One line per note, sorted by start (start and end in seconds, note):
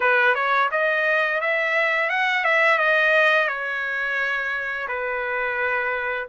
0.00 0.34 B4
0.34 0.69 C#5
0.71 1.40 D#5
1.40 2.09 E5
2.09 2.44 F#5
2.44 2.78 E5
2.78 3.48 D#5
3.48 4.87 C#5
4.87 6.27 B4